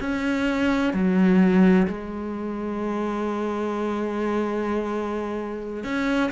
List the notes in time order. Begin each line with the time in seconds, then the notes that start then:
0.00 C#4
0.94 F#3
1.88 G#3
5.84 C#4